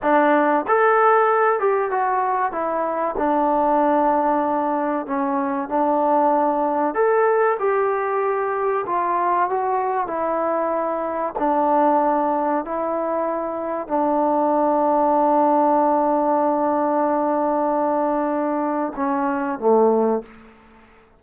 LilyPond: \new Staff \with { instrumentName = "trombone" } { \time 4/4 \tempo 4 = 95 d'4 a'4. g'8 fis'4 | e'4 d'2. | cis'4 d'2 a'4 | g'2 f'4 fis'4 |
e'2 d'2 | e'2 d'2~ | d'1~ | d'2 cis'4 a4 | }